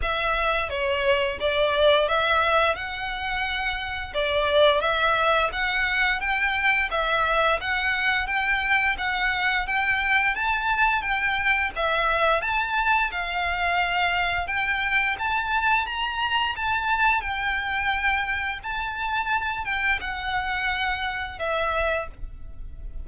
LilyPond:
\new Staff \with { instrumentName = "violin" } { \time 4/4 \tempo 4 = 87 e''4 cis''4 d''4 e''4 | fis''2 d''4 e''4 | fis''4 g''4 e''4 fis''4 | g''4 fis''4 g''4 a''4 |
g''4 e''4 a''4 f''4~ | f''4 g''4 a''4 ais''4 | a''4 g''2 a''4~ | a''8 g''8 fis''2 e''4 | }